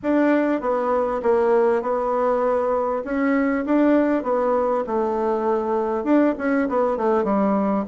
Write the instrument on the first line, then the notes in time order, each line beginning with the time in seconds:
bassoon
0.02 D4
0.60 B3
1.22 A#3
1.82 B3
3.04 C#4
3.65 D4
4.23 B3
4.87 A3
6.04 D4
6.37 C#4
6.68 B3
6.97 A3
7.24 G3